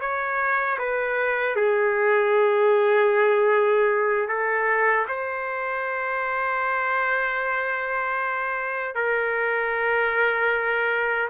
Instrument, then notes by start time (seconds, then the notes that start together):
trumpet
0.00 C#5
0.78 B4
1.55 G#4
4.28 A4
5.08 C5
8.95 A#4